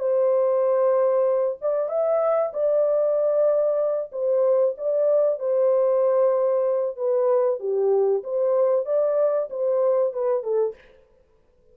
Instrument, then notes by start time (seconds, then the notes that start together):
horn
0.00 C5
1.62 D5
1.89 E5
2.53 D5
4.12 C5
4.78 D5
5.39 C5
6.97 B4
7.60 G4
8.24 C5
8.86 D5
9.50 C5
10.13 B4
10.43 A4